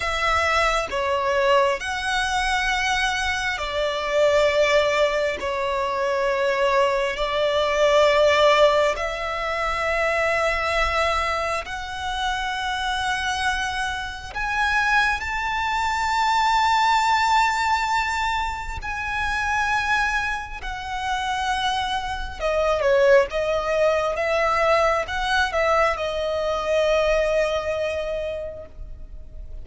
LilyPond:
\new Staff \with { instrumentName = "violin" } { \time 4/4 \tempo 4 = 67 e''4 cis''4 fis''2 | d''2 cis''2 | d''2 e''2~ | e''4 fis''2. |
gis''4 a''2.~ | a''4 gis''2 fis''4~ | fis''4 dis''8 cis''8 dis''4 e''4 | fis''8 e''8 dis''2. | }